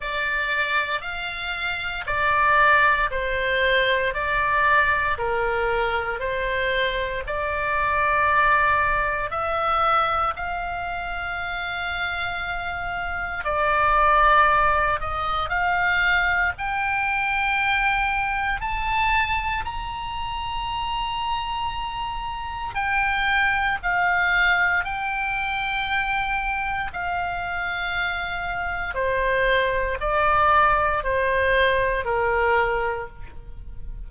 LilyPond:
\new Staff \with { instrumentName = "oboe" } { \time 4/4 \tempo 4 = 58 d''4 f''4 d''4 c''4 | d''4 ais'4 c''4 d''4~ | d''4 e''4 f''2~ | f''4 d''4. dis''8 f''4 |
g''2 a''4 ais''4~ | ais''2 g''4 f''4 | g''2 f''2 | c''4 d''4 c''4 ais'4 | }